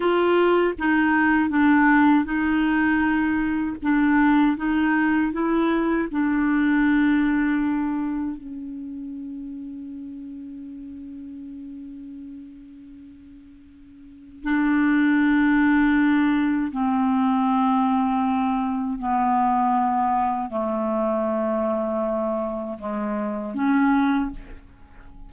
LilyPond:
\new Staff \with { instrumentName = "clarinet" } { \time 4/4 \tempo 4 = 79 f'4 dis'4 d'4 dis'4~ | dis'4 d'4 dis'4 e'4 | d'2. cis'4~ | cis'1~ |
cis'2. d'4~ | d'2 c'2~ | c'4 b2 a4~ | a2 gis4 cis'4 | }